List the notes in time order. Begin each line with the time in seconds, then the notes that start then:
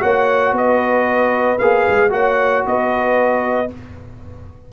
0.00 A#3 F#4 C#5 F#5
0.52 B3 B4 D#5
1.59 A#3 G#4 F5
1.89 G#3
2.10 A#3 F#4 C#5 F#5
2.66 B3 B4 D#5